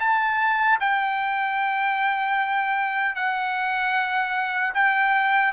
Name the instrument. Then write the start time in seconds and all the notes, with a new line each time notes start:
trumpet
0.00 A5
0.80 G5
3.15 F#5
4.74 G5